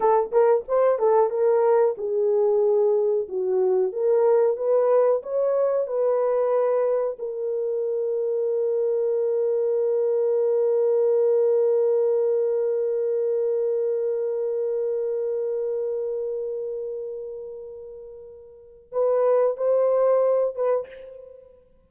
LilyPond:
\new Staff \with { instrumentName = "horn" } { \time 4/4 \tempo 4 = 92 a'8 ais'8 c''8 a'8 ais'4 gis'4~ | gis'4 fis'4 ais'4 b'4 | cis''4 b'2 ais'4~ | ais'1~ |
ais'1~ | ais'1~ | ais'1~ | ais'4 b'4 c''4. b'8 | }